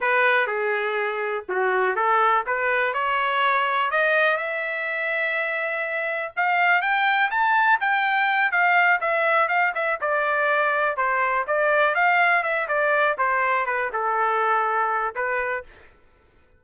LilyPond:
\new Staff \with { instrumentName = "trumpet" } { \time 4/4 \tempo 4 = 123 b'4 gis'2 fis'4 | a'4 b'4 cis''2 | dis''4 e''2.~ | e''4 f''4 g''4 a''4 |
g''4. f''4 e''4 f''8 | e''8 d''2 c''4 d''8~ | d''8 f''4 e''8 d''4 c''4 | b'8 a'2~ a'8 b'4 | }